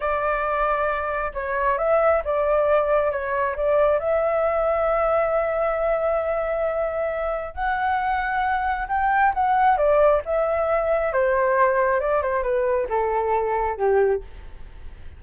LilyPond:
\new Staff \with { instrumentName = "flute" } { \time 4/4 \tempo 4 = 135 d''2. cis''4 | e''4 d''2 cis''4 | d''4 e''2.~ | e''1~ |
e''4 fis''2. | g''4 fis''4 d''4 e''4~ | e''4 c''2 d''8 c''8 | b'4 a'2 g'4 | }